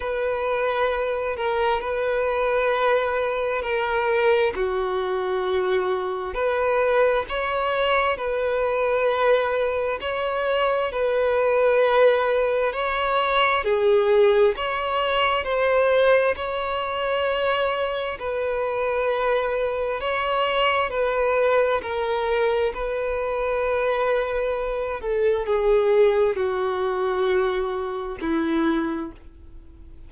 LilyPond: \new Staff \with { instrumentName = "violin" } { \time 4/4 \tempo 4 = 66 b'4. ais'8 b'2 | ais'4 fis'2 b'4 | cis''4 b'2 cis''4 | b'2 cis''4 gis'4 |
cis''4 c''4 cis''2 | b'2 cis''4 b'4 | ais'4 b'2~ b'8 a'8 | gis'4 fis'2 e'4 | }